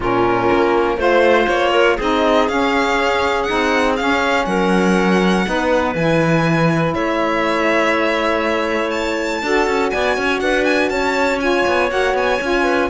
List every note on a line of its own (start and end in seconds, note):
0.00 0.49 A#2
0.00 0.98 C#4
0.00 0.97 F4
0.00 1.00 A#4
0.52 0.97 A#3
0.97 1.46 A3
0.97 1.97 F4
0.97 1.71 C5
0.97 1.48 C5
1.48 1.97 A#3
1.48 1.97 C#5
1.71 1.95 A#4
1.96 2.48 C4
1.96 2.49 D#4
1.96 4.44 G#4
1.96 2.48 D#5
2.48 3.47 C#4
2.48 3.42 F5
3.42 3.96 D#4
3.42 3.92 F#5
3.51 3.99 C4
3.96 5.45 C#4
3.96 4.46 C#4
3.96 4.45 F5
4.45 5.45 F#3
4.45 5.46 A#4
4.45 5.93 F#5
5.45 5.94 B3
5.45 5.95 D#4
5.45 6.94 B4
5.94 6.94 E3
5.94 9.42 E4
5.94 6.93 G#5
6.93 9.42 A3
6.93 9.42 C#5
6.93 8.90 E5
8.90 9.89 A5
9.42 9.66 D4
9.42 11.39 F#4
9.42 9.91 A4
9.66 9.91 C#4
9.90 10.17 B3
9.90 10.16 D5
9.90 10.39 G#5
10.17 10.41 C#4
10.17 10.42 C#5
10.40 10.90 D4
10.40 10.92 B4
10.40 10.64 F#5
10.64 10.89 G#5
10.89 11.65 C#4
10.89 12.63 C#5
10.89 11.38 A5
11.39 11.89 F4
11.39 11.89 G#5
11.66 11.91 B3
11.89 12.13 A#3
11.89 12.38 F#4
11.89 12.16 F#5
12.13 12.38 B3
12.13 12.89 G#5
12.40 12.89 C#4
12.40 12.89 F4
12.63 12.88 B4